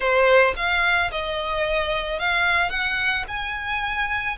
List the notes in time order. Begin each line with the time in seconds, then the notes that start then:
0.00 C5
0.56 F5
1.11 D#5
2.19 F5
2.70 F#5
3.28 G#5